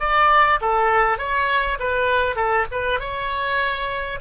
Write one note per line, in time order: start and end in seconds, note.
0.00 0.60 D5
0.61 1.18 A4
1.18 1.78 C#5
1.80 2.36 B4
2.36 2.66 A4
2.72 3.00 B4
3.00 4.20 C#5